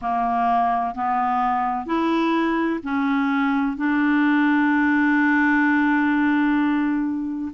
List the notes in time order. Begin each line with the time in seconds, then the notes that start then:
0.01 A#3
0.94 B3
1.86 E4
2.83 C#4
3.77 D4